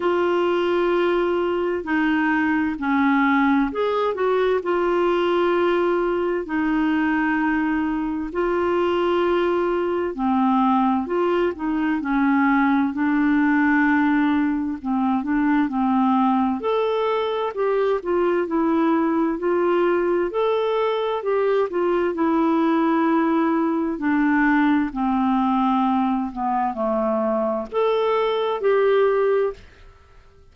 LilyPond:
\new Staff \with { instrumentName = "clarinet" } { \time 4/4 \tempo 4 = 65 f'2 dis'4 cis'4 | gis'8 fis'8 f'2 dis'4~ | dis'4 f'2 c'4 | f'8 dis'8 cis'4 d'2 |
c'8 d'8 c'4 a'4 g'8 f'8 | e'4 f'4 a'4 g'8 f'8 | e'2 d'4 c'4~ | c'8 b8 a4 a'4 g'4 | }